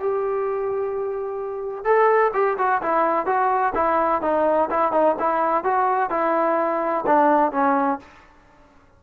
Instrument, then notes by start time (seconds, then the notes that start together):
trombone
0.00 G4
1.85 A4
2.34 G4
2.58 F#4
2.82 E4
3.26 F#4
3.75 E4
4.22 D#4
4.71 E4
4.92 D#4
5.19 E4
5.65 F#4
6.11 E4
7.07 D4
7.52 C#4